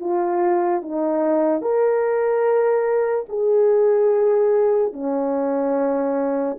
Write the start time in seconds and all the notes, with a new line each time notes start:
0.00 F4
0.82 D#4
1.61 A#4
3.28 G#4
4.92 C#4